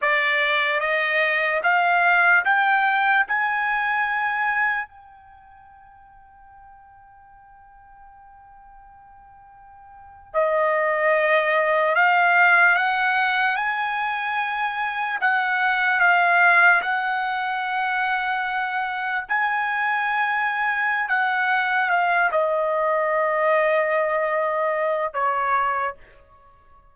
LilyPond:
\new Staff \with { instrumentName = "trumpet" } { \time 4/4 \tempo 4 = 74 d''4 dis''4 f''4 g''4 | gis''2 g''2~ | g''1~ | g''8. dis''2 f''4 fis''16~ |
fis''8. gis''2 fis''4 f''16~ | f''8. fis''2. gis''16~ | gis''2 fis''4 f''8 dis''8~ | dis''2. cis''4 | }